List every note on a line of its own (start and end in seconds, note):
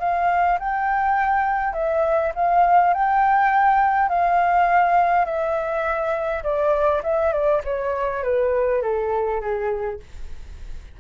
0.00 0.59 F5
0.60 1.74 G5
1.74 2.33 E5
2.35 2.94 F5
2.94 4.09 G5
4.09 5.26 F5
5.26 6.43 E5
6.44 7.02 D5
7.03 7.33 E5
7.33 7.62 D5
7.65 8.24 C#5
8.24 8.82 B4
8.83 9.41 A4
9.41 10.00 G#4